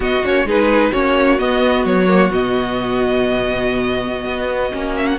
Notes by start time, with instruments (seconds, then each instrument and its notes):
0.00 viola B3, cello B3, violin F#4 D#5
0.24 cello A#3, viola C#4, violin C#5
0.44 cello G#3, viola D#4, violin G#4 B4
0.91 cello A#3, viola C#4, violin F#4 C#5
1.38 viola B3, cello B3, violin D#5
1.84 cello F#3, violin C#5
2.07 viola A#3
2.30 cello B2, viola B3, violin D#5
4.25 cello B3
4.72 cello A#3, viola C#4
4.97 violin E5
5.06 violin F#5